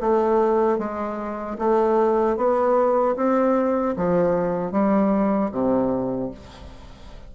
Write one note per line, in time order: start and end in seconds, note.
0.00 0.78 A3
0.78 1.57 G#3
1.58 2.36 A3
2.36 3.15 B3
3.16 3.95 C4
3.96 4.72 F3
4.72 5.50 G3
5.52 6.31 C3